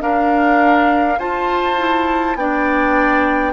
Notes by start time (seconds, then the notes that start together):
0.00 D4 A#4 F5
1.19 F4 C5 A5
1.78 E4
2.35 B3 D4 D5 G5